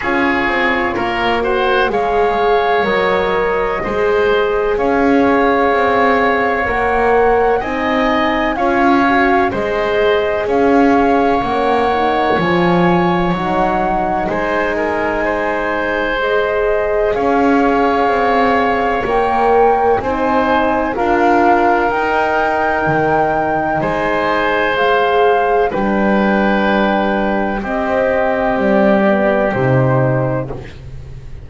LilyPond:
<<
  \new Staff \with { instrumentName = "flute" } { \time 4/4 \tempo 4 = 63 cis''4. fis''8 f''4 dis''4~ | dis''4 f''2 fis''4 | gis''4 f''4 dis''4 f''4 | fis''4 gis''4 fis''4 gis''4~ |
gis''4 dis''4 f''2 | g''4 gis''4 f''4 g''4~ | g''4 gis''4 f''4 g''4~ | g''4 dis''4 d''4 c''4 | }
  \new Staff \with { instrumentName = "oboe" } { \time 4/4 gis'4 ais'8 c''8 cis''2 | c''4 cis''2. | dis''4 cis''4 c''4 cis''4~ | cis''2. c''8 ais'8 |
c''2 cis''2~ | cis''4 c''4 ais'2~ | ais'4 c''2 b'4~ | b'4 g'2. | }
  \new Staff \with { instrumentName = "horn" } { \time 4/4 f'4. fis'8 gis'4 ais'4 | gis'2. ais'4 | dis'4 f'8 fis'8 gis'2 | cis'8 dis'8 f'4 dis'2~ |
dis'4 gis'2. | ais'4 dis'4 f'4 dis'4~ | dis'2 gis'4 d'4~ | d'4 c'4. b8 dis'4 | }
  \new Staff \with { instrumentName = "double bass" } { \time 4/4 cis'8 c'8 ais4 gis4 fis4 | gis4 cis'4 c'4 ais4 | c'4 cis'4 gis4 cis'4 | ais4 f4 fis4 gis4~ |
gis2 cis'4 c'4 | ais4 c'4 d'4 dis'4 | dis4 gis2 g4~ | g4 c'4 g4 c4 | }
>>